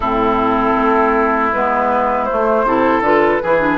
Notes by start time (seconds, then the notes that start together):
0.00 A2 C4 E4 A4
0.76 A3
1.52 G#3 B3 B4
2.25 A3 C5
2.31 A3
2.64 C3 E4 A4
3.00 D3 F4 B4
3.42 E3 E4 G#4
3.60 D4